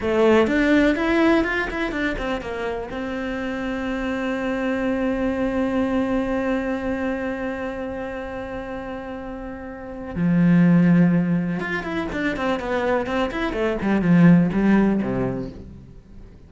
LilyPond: \new Staff \with { instrumentName = "cello" } { \time 4/4 \tempo 4 = 124 a4 d'4 e'4 f'8 e'8 | d'8 c'8 ais4 c'2~ | c'1~ | c'1~ |
c'1~ | c'4 f2. | f'8 e'8 d'8 c'8 b4 c'8 e'8 | a8 g8 f4 g4 c4 | }